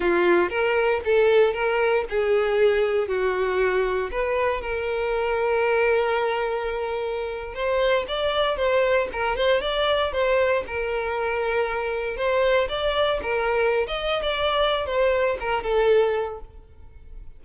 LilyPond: \new Staff \with { instrumentName = "violin" } { \time 4/4 \tempo 4 = 117 f'4 ais'4 a'4 ais'4 | gis'2 fis'2 | b'4 ais'2.~ | ais'2~ ais'8. c''4 d''16~ |
d''8. c''4 ais'8 c''8 d''4 c''16~ | c''8. ais'2. c''16~ | c''8. d''4 ais'4~ ais'16 dis''8. d''16~ | d''4 c''4 ais'8 a'4. | }